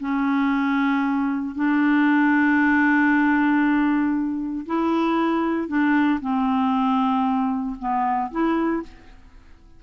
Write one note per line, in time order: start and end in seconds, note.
0.00 1.55 C#4
1.55 4.66 D4
4.66 5.68 E4
5.68 6.19 D4
6.21 7.76 C4
7.79 8.30 B3
8.31 8.83 E4